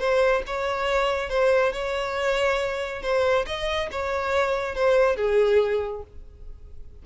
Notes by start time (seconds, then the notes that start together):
0.00 C5
0.47 C#5
1.30 C5
1.73 C#5
3.03 C5
3.46 D#5
3.92 C#5
4.76 C5
5.17 G#4